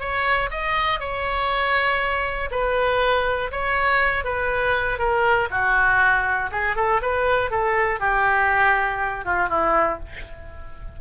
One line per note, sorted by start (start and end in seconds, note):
0.00 0.50 C#5
0.51 1.00 D#5
1.00 2.50 C#5
2.51 3.51 B4
3.51 4.25 C#5
4.25 4.99 B4
4.99 5.49 A#4
5.51 6.51 F#4
6.52 6.76 G#4
6.76 7.01 A4
7.02 7.51 B4
7.51 8.00 A4
8.00 9.25 G4
9.25 9.49 F4
9.49 9.99 E4